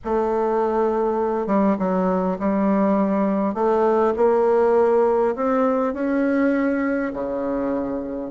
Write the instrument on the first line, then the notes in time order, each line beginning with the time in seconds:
bassoon
0.04 A3
1.46 G3
1.78 F#3
2.39 G3
3.54 A3
4.16 A#3
5.35 C4
5.93 C#4
7.13 C#3